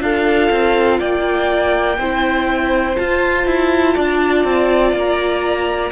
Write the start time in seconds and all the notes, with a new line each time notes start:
0.00 D4 F4 A4 F5
0.51 C4
0.99 A#3 D5 G5
1.98 C4 E4 C5
2.96 F4 A5
3.46 E4
3.94 D4 D5
4.44 C4
4.93 A#3 A#5